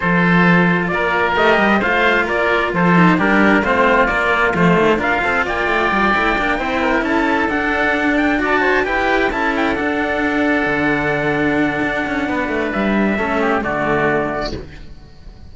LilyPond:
<<
  \new Staff \with { instrumentName = "trumpet" } { \time 4/4 \tempo 4 = 132 c''2 d''4 dis''4 | f''4 d''4 c''4 ais'4 | c''4 d''4 c''4 f''4 | g''2.~ g''8 a''8~ |
a''8 fis''4. g''8 a''4 g''8~ | g''8 a''8 g''8 fis''2~ fis''8~ | fis''1 | e''2 d''2 | }
  \new Staff \with { instrumentName = "oboe" } { \time 4/4 a'2 ais'2 | c''4 ais'4 a'4 g'4 | f'2. ais'8 a'8 | d''2~ d''8 c''8 ais'8 a'8~ |
a'2~ a'8 d''8 c''8 b'8~ | b'8 a'2.~ a'8~ | a'2. b'4~ | b'4 a'8 g'8 fis'2 | }
  \new Staff \with { instrumentName = "cello" } { \time 4/4 f'2. g'4 | f'2~ f'8 dis'8 d'4 | c'4 ais4 a4 f'4~ | f'4. e'8 d'8 e'4.~ |
e'8 d'2 fis'4 g'8~ | g'8 e'4 d'2~ d'8~ | d'1~ | d'4 cis'4 a2 | }
  \new Staff \with { instrumentName = "cello" } { \time 4/4 f2 ais4 a8 g8 | a4 ais4 f4 g4 | a4 ais4 f8 dis8 d'8 c'8 | ais8 a8 g8 a8 ais8 c'4 cis'8~ |
cis'8 d'2. e'8~ | e'8 cis'4 d'2 d8~ | d2 d'8 cis'8 b8 a8 | g4 a4 d2 | }
>>